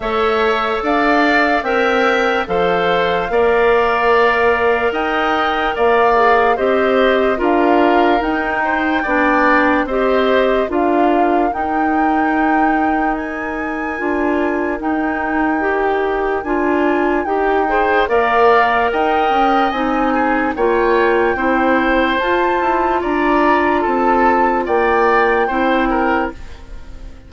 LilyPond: <<
  \new Staff \with { instrumentName = "flute" } { \time 4/4 \tempo 4 = 73 e''4 f''4 g''4 f''4~ | f''2 g''4 f''4 | dis''4 f''4 g''2 | dis''4 f''4 g''2 |
gis''2 g''2 | gis''4 g''4 f''4 g''4 | gis''4 g''2 a''4 | ais''4 a''4 g''2 | }
  \new Staff \with { instrumentName = "oboe" } { \time 4/4 cis''4 d''4 e''4 c''4 | d''2 dis''4 d''4 | c''4 ais'4. c''8 d''4 | c''4 ais'2.~ |
ais'1~ | ais'4. c''8 d''4 dis''4~ | dis''8 gis'8 cis''4 c''2 | d''4 a'4 d''4 c''8 ais'8 | }
  \new Staff \with { instrumentName = "clarinet" } { \time 4/4 a'2 ais'4 a'4 | ais'2.~ ais'8 gis'8 | g'4 f'4 dis'4 d'4 | g'4 f'4 dis'2~ |
dis'4 f'4 dis'4 g'4 | f'4 g'8 gis'8 ais'2 | dis'4 f'4 e'4 f'4~ | f'2. e'4 | }
  \new Staff \with { instrumentName = "bassoon" } { \time 4/4 a4 d'4 c'4 f4 | ais2 dis'4 ais4 | c'4 d'4 dis'4 b4 | c'4 d'4 dis'2~ |
dis'4 d'4 dis'2 | d'4 dis'4 ais4 dis'8 cis'8 | c'4 ais4 c'4 f'8 e'8 | d'4 c'4 ais4 c'4 | }
>>